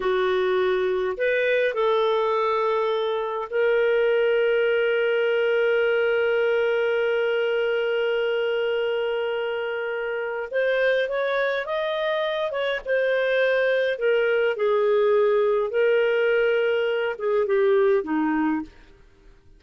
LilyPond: \new Staff \with { instrumentName = "clarinet" } { \time 4/4 \tempo 4 = 103 fis'2 b'4 a'4~ | a'2 ais'2~ | ais'1~ | ais'1~ |
ais'2 c''4 cis''4 | dis''4. cis''8 c''2 | ais'4 gis'2 ais'4~ | ais'4. gis'8 g'4 dis'4 | }